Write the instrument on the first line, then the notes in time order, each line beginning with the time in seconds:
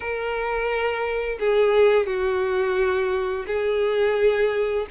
violin
0.00 A#4
1.40 G#4
2.06 F#4
3.46 G#4